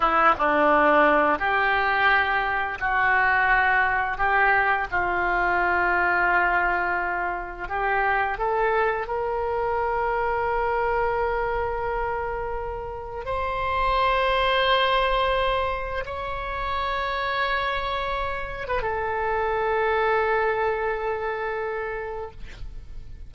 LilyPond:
\new Staff \with { instrumentName = "oboe" } { \time 4/4 \tempo 4 = 86 e'8 d'4. g'2 | fis'2 g'4 f'4~ | f'2. g'4 | a'4 ais'2.~ |
ais'2. c''4~ | c''2. cis''4~ | cis''2~ cis''8. b'16 a'4~ | a'1 | }